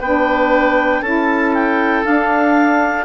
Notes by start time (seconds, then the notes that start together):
0.00 B3 D4 B4 G5
1.01 C#4 E4 A4 A5
1.53 G5
2.04 D4 F5